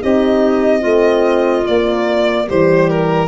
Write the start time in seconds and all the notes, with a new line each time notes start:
0.00 C4 D#4 G4 D#5
0.81 A3 C4 F4
1.64 A#3 D5
2.47 E3 G3 G4 C5
2.90 A#4